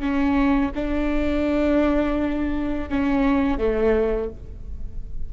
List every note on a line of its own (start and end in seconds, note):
0.00 0.71 C#4
0.75 2.89 D4
2.89 3.58 C#4
3.58 4.30 A3